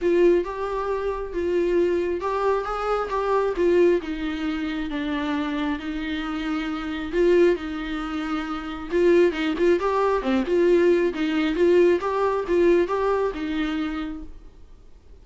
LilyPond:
\new Staff \with { instrumentName = "viola" } { \time 4/4 \tempo 4 = 135 f'4 g'2 f'4~ | f'4 g'4 gis'4 g'4 | f'4 dis'2 d'4~ | d'4 dis'2. |
f'4 dis'2. | f'4 dis'8 f'8 g'4 c'8 f'8~ | f'4 dis'4 f'4 g'4 | f'4 g'4 dis'2 | }